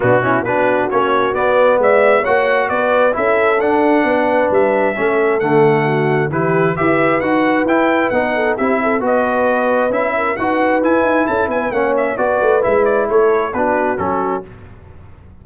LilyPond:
<<
  \new Staff \with { instrumentName = "trumpet" } { \time 4/4 \tempo 4 = 133 fis'4 b'4 cis''4 d''4 | e''4 fis''4 d''4 e''4 | fis''2 e''2 | fis''2 b'4 e''4 |
fis''4 g''4 fis''4 e''4 | dis''2 e''4 fis''4 | gis''4 a''8 gis''8 fis''8 e''8 d''4 | e''8 d''8 cis''4 b'4 a'4 | }
  \new Staff \with { instrumentName = "horn" } { \time 4/4 d'8 e'8 fis'2. | d''4 cis''4 b'4 a'4~ | a'4 b'2 a'4~ | a'4 fis'4 g'4 b'4~ |
b'2~ b'8 a'8 g'8 a'8 | b'2~ b'8 ais'8 b'4~ | b'4 a'8 b'8 cis''4 b'4~ | b'4 a'4 fis'2 | }
  \new Staff \with { instrumentName = "trombone" } { \time 4/4 b8 cis'8 d'4 cis'4 b4~ | b4 fis'2 e'4 | d'2. cis'4 | a2 e'4 g'4 |
fis'4 e'4 dis'4 e'4 | fis'2 e'4 fis'4 | e'2 cis'4 fis'4 | e'2 d'4 cis'4 | }
  \new Staff \with { instrumentName = "tuba" } { \time 4/4 b,4 b4 ais4 b4 | gis4 ais4 b4 cis'4 | d'4 b4 g4 a4 | d2 e4 e'4 |
dis'4 e'4 b4 c'4 | b2 cis'4 dis'4 | e'8 dis'8 cis'8 b8 ais4 b8 a8 | gis4 a4 b4 fis4 | }
>>